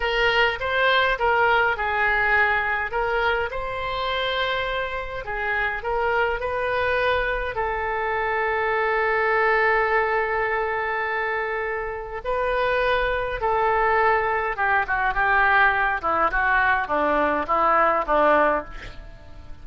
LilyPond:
\new Staff \with { instrumentName = "oboe" } { \time 4/4 \tempo 4 = 103 ais'4 c''4 ais'4 gis'4~ | gis'4 ais'4 c''2~ | c''4 gis'4 ais'4 b'4~ | b'4 a'2.~ |
a'1~ | a'4 b'2 a'4~ | a'4 g'8 fis'8 g'4. e'8 | fis'4 d'4 e'4 d'4 | }